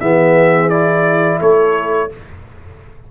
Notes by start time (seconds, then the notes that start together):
0.00 E3 B3 G#4 E5
0.69 E4 D5
1.40 A3 A4 C#5